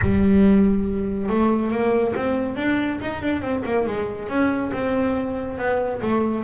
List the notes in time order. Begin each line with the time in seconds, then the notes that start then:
0.01 G3
1.29 A3
1.71 A#3
2.15 C4
2.56 D4
3.01 D#4
3.22 D4
3.41 C4
3.65 A#3
3.86 G#3
4.28 C#4
4.72 C4
5.57 B3
6.01 A3